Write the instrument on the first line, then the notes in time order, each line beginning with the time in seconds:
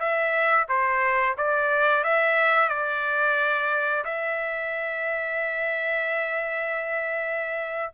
trumpet
0.00 E5
0.69 C5
1.38 D5
2.04 E5
2.70 D5
4.05 E5